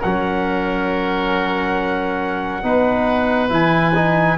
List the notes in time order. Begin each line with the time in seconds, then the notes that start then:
0.00 F#3 C#4 A#4 F#5
2.63 B3 D#4 B4
3.50 E3 E4 G#5
3.95 D#4